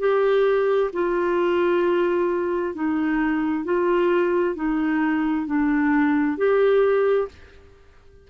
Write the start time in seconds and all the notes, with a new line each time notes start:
0.00 G4
0.93 F4
2.75 D#4
3.65 F4
4.56 D#4
5.47 D4
6.38 G4